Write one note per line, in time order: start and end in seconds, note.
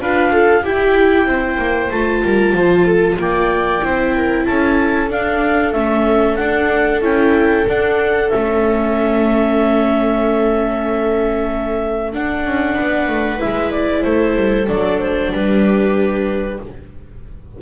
0.00 0.64 D4
0.00 0.64 F4
0.00 0.32 B4
0.00 0.66 F5
0.32 0.63 A4
0.63 1.92 E4
0.63 1.26 E4
0.63 1.27 G4
0.63 1.91 G5
1.26 1.57 C4
1.26 2.24 C5
1.58 1.90 A#3
1.91 2.23 A3
1.91 3.83 F4
1.91 3.18 A5
2.24 2.53 G3
2.24 2.56 A#4
2.53 3.17 F3
2.53 2.85 C5
2.85 3.17 A4
3.19 3.82 A#3
3.19 3.85 D5
3.19 4.46 G5
3.83 4.47 C4
3.83 5.10 E4
3.83 4.15 C5
4.15 4.47 A#4
4.46 5.12 C#4
4.46 12.75 A4
4.46 5.10 A5
5.10 5.74 D4
5.10 5.73 F5
5.73 6.38 A3
5.73 6.38 C#4
5.73 6.36 E5
6.36 7.02 D4
6.36 7.01 D4
6.36 7.00 F#5
7.01 7.65 C#4
7.01 7.66 E4
7.01 7.68 G5
7.68 8.30 D4
7.68 8.32 D4
7.68 8.30 F#5
8.30 12.15 A3
8.30 12.13 C#4
8.30 12.12 E5
12.13 13.39 D4
12.13 12.46 D4
12.13 13.41 F#5
12.46 12.78 C#4
12.75 13.08 B3
12.75 14.03 B4
13.08 13.40 A3
13.39 14.05 G#3
13.39 14.66 E4
13.39 13.71 E5
13.71 14.03 D5
14.03 14.36 A3
14.03 15.33 A4
14.03 14.67 C5
14.36 14.68 G3
14.67 15.32 F#3
14.67 16.59 D4
14.67 15.00 D5
15.00 15.32 C5
15.32 16.60 G3
15.32 16.61 G4
15.32 16.62 B4